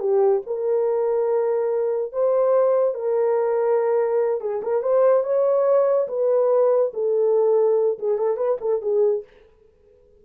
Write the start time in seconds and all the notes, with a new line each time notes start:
0.00 G4
0.47 A#4
2.13 C5
2.95 A#4
4.41 G#4
4.63 A#4
4.83 C5
5.24 C#5
6.08 B4
6.94 A4
7.99 G#4
8.18 A4
8.37 B4
8.61 A4
8.82 G#4